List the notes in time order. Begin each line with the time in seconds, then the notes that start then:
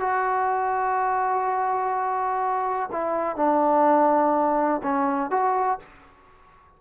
0.00 F#4
2.92 E4
3.37 D4
4.83 C#4
5.31 F#4